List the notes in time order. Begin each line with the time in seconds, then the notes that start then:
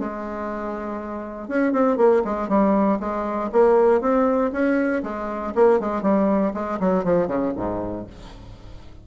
0.00 G#3
1.49 C#4
1.73 C4
1.98 A#3
2.25 G#3
2.49 G3
3.00 G#3
3.52 A#3
4.01 C4
4.53 C#4
5.04 G#3
5.56 A#3
5.80 G#3
6.03 G3
6.54 G#3
6.80 F#3
7.05 F3
7.28 C#3
7.57 G#2